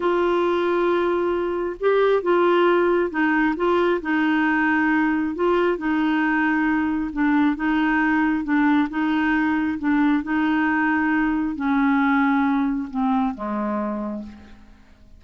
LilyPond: \new Staff \with { instrumentName = "clarinet" } { \time 4/4 \tempo 4 = 135 f'1 | g'4 f'2 dis'4 | f'4 dis'2. | f'4 dis'2. |
d'4 dis'2 d'4 | dis'2 d'4 dis'4~ | dis'2 cis'2~ | cis'4 c'4 gis2 | }